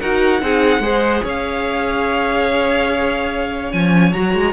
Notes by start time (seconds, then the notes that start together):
0.00 D#4 F#4 A#4 F#5
0.41 C4 D#4 G#4
0.79 G#3 G#4 C5
1.24 C#4 C#5 F5
3.71 F3 C#4 G#5
4.13 F#3 F#4 A#5
4.34 G#3